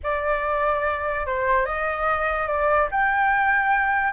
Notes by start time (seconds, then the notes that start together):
0.03 D5
1.26 C5
1.65 D#5
2.47 D5
2.91 G5